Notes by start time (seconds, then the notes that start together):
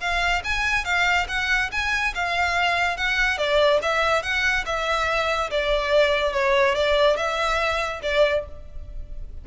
0.00 F5
0.44 G#5
0.85 F5
1.28 F#5
1.72 G#5
2.14 F5
2.97 F#5
3.38 D5
3.82 E5
4.22 F#5
4.66 E5
5.51 D5
6.33 C#5
6.75 D5
7.17 E5
8.03 D5